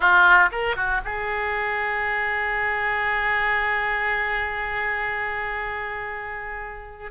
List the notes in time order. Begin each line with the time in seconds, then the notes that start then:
0.00 F4
0.51 A#4
0.75 F#4
1.04 G#4